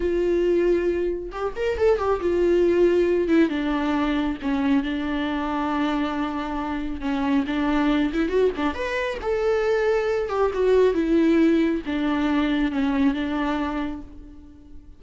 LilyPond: \new Staff \with { instrumentName = "viola" } { \time 4/4 \tempo 4 = 137 f'2. g'8 ais'8 | a'8 g'8 f'2~ f'8 e'8 | d'2 cis'4 d'4~ | d'1 |
cis'4 d'4. e'8 fis'8 d'8 | b'4 a'2~ a'8 g'8 | fis'4 e'2 d'4~ | d'4 cis'4 d'2 | }